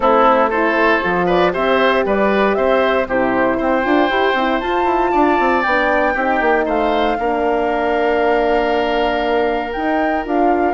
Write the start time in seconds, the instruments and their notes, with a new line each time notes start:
0.00 bassoon A3, horn C4, oboe E4, flute A4
0.50 horn E4, oboe A4, flute C5
1.02 bassoon F3, horn F4
1.26 oboe B4, flute D5
1.52 bassoon C4, horn G4, oboe C5, flute E5
2.05 bassoon G3, oboe B4, flute D5
2.54 bassoon C4, oboe C5, flute E5
3.06 bassoon C3, horn E4, oboe G4, flute C5
3.57 bassoon C4, oboe C5, flute G5
3.83 bassoon D4, horn F4
4.09 bassoon E4, horn G4
4.34 bassoon C4, horn E4
4.60 bassoon F4, horn F4, flute A5
4.84 bassoon E4
5.11 bassoon D4, oboe D5
5.39 bassoon C4
5.62 bassoon B3, flute G5
5.69 horn D4
6.13 bassoon C4, horn D#4, oboe G4
6.41 bassoon A#3
6.65 bassoon A3, oboe C5, flute F5
7.17 bassoon A#3, horn D4, oboe A#4
9.72 horn D#4, bassoon D#4, flute G5
10.24 bassoon D4, horn F4, flute F5